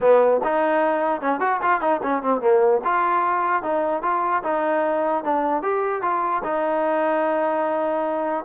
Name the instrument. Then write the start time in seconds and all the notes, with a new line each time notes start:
trombone
0.01 B3
0.44 D#4
1.21 C#4
1.40 F#4
1.61 F4
1.80 D#4
2.02 C#4
2.22 C4
2.41 A#3
2.84 F4
3.62 D#4
4.02 F4
4.43 D#4
5.23 D4
5.62 G4
6.02 F4
6.43 D#4